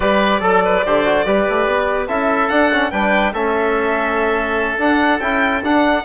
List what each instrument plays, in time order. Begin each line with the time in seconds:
0.00 bassoon G3, trombone G4, oboe B4, violin D5
0.40 bassoon F#3, trombone A4, oboe A4
0.64 oboe B4
0.85 bassoon D3, trombone G4, oboe C5
1.05 trombone F#4
1.25 bassoon G3, trombone G4, oboe B4
1.49 bassoon A3
1.66 bassoon B3
2.08 bassoon C#4, trombone E4, oboe A4, violin E5
2.49 trombone D4, bassoon D4, violin F#5
2.71 trombone C#4
2.90 bassoon G3, trombone D4, oboe B4, violin G5
3.32 bassoon A3, trombone C#4, oboe A4, violin E5
4.78 bassoon D4, trombone D4, violin F#5
5.20 bassoon C#4, trombone E4, violin G5
5.62 bassoon D4, trombone D4, violin F#5